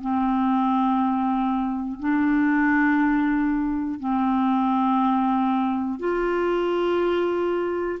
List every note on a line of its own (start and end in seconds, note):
0.00 1.99 C4
1.99 3.99 D4
3.99 5.99 C4
5.99 7.99 F4